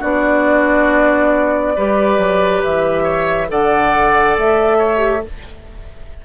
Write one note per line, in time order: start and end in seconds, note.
0.00 1.77 B3
0.00 1.75 D4
0.00 1.74 F#4
0.00 2.63 D5
1.76 2.18 G3
1.76 3.49 G4
1.76 3.03 B4
2.18 2.62 F#3
2.63 3.51 E3
2.63 3.50 E5
3.03 3.47 C#5
3.49 4.38 D3
3.49 4.97 A4
3.49 4.78 D5
3.49 4.38 F#5
4.38 5.25 A3
4.38 5.26 E5
4.78 5.22 C#5
4.97 5.19 G4